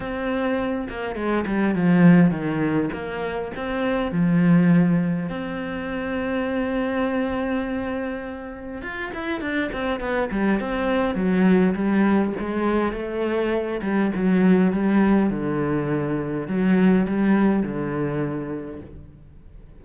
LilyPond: \new Staff \with { instrumentName = "cello" } { \time 4/4 \tempo 4 = 102 c'4. ais8 gis8 g8 f4 | dis4 ais4 c'4 f4~ | f4 c'2.~ | c'2. f'8 e'8 |
d'8 c'8 b8 g8 c'4 fis4 | g4 gis4 a4. g8 | fis4 g4 d2 | fis4 g4 d2 | }